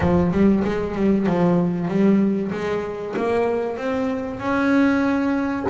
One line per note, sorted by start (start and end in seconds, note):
0.00 0.31 F3
0.31 0.63 G3
0.64 0.95 G#3
0.95 1.26 G3
1.26 1.88 F3
1.88 2.51 G3
2.51 3.14 G#3
3.16 3.77 A#3
3.77 4.39 C4
4.39 5.66 C#4